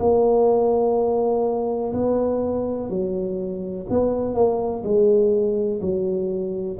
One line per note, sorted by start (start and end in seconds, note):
0.00 1.94 A#3
1.94 2.90 B3
2.90 3.87 F#3
3.90 4.35 B3
4.35 4.83 A#3
4.84 5.81 G#3
5.82 6.78 F#3